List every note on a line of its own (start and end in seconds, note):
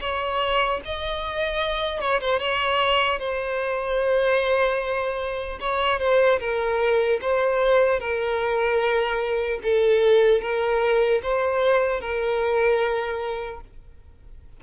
0.00 0.80 C#5
0.85 2.00 D#5
2.00 2.20 C#5
2.20 2.39 C5
2.39 3.19 C#5
3.19 5.59 C5
5.60 5.99 C#5
5.99 6.39 C5
6.39 7.19 A#4
7.21 8.00 C5
8.00 9.60 A#4
9.63 10.41 A4
10.41 11.21 A#4
11.23 12.00 C5
12.00 13.60 A#4